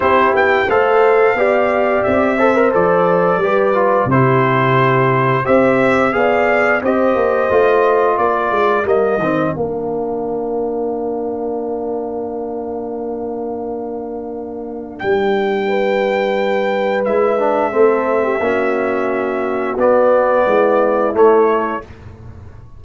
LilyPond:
<<
  \new Staff \with { instrumentName = "trumpet" } { \time 4/4 \tempo 4 = 88 c''8 g''8 f''2 e''4 | d''2 c''2 | e''4 f''4 dis''2 | d''4 dis''4 f''2~ |
f''1~ | f''2 g''2~ | g''4 e''2.~ | e''4 d''2 cis''4 | }
  \new Staff \with { instrumentName = "horn" } { \time 4/4 g'4 c''4 d''4. c''8~ | c''4 b'4 g'2 | c''4 d''4 c''2 | ais'1~ |
ais'1~ | ais'2. b'4~ | b'2 a'8. g'16 fis'4~ | fis'2 e'2 | }
  \new Staff \with { instrumentName = "trombone" } { \time 4/4 e'4 a'4 g'4. a'16 ais'16 | a'4 g'8 f'8 e'2 | g'4 gis'4 g'4 f'4~ | f'4 ais8 c'8 d'2~ |
d'1~ | d'1~ | d'4 e'8 d'8 c'4 cis'4~ | cis'4 b2 a4 | }
  \new Staff \with { instrumentName = "tuba" } { \time 4/4 c'8 b8 a4 b4 c'4 | f4 g4 c2 | c'4 b4 c'8 ais8 a4 | ais8 gis8 g8 dis8 ais2~ |
ais1~ | ais2 g2~ | g4 gis4 a4 ais4~ | ais4 b4 gis4 a4 | }
>>